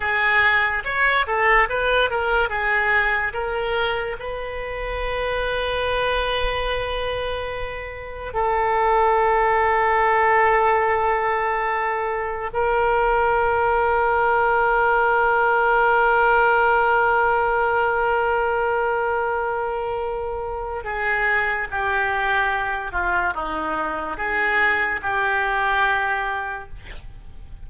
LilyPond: \new Staff \with { instrumentName = "oboe" } { \time 4/4 \tempo 4 = 72 gis'4 cis''8 a'8 b'8 ais'8 gis'4 | ais'4 b'2.~ | b'2 a'2~ | a'2. ais'4~ |
ais'1~ | ais'1~ | ais'4 gis'4 g'4. f'8 | dis'4 gis'4 g'2 | }